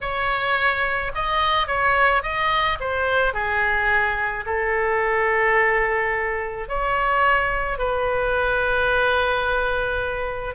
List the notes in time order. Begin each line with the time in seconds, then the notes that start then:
0.01 C#5
1.14 D#5
1.67 C#5
2.22 D#5
2.80 C5
3.33 G#4
4.46 A4
6.68 C#5
7.78 B4